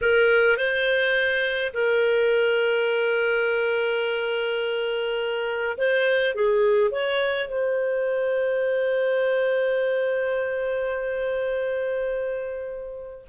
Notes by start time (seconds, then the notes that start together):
0.01 A#4
0.57 C5
1.73 A#4
5.77 C5
6.35 G#4
6.90 C#5
7.48 C5